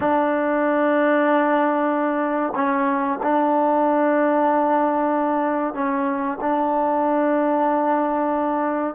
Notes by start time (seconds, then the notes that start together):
0.00 D4
2.55 C#4
3.22 D4
5.74 C#4
6.40 D4